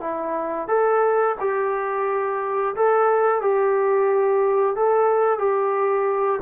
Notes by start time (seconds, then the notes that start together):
0.00 E4
0.68 A4
1.40 G4
2.75 A4
3.41 G4
4.76 A4
5.39 G4